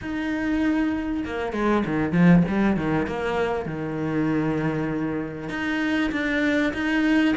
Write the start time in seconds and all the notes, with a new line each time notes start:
0.01 D#4
1.25 A#3
1.53 G#3
1.85 D#3
2.12 F3
2.47 G3
2.76 D#3
3.06 A#3
3.65 D#3
5.49 D#4
6.11 D4
6.73 D#4